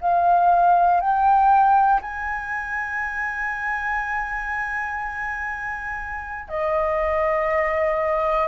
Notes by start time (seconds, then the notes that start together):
0.00 F5
1.00 G5
2.01 G#5
6.49 D#5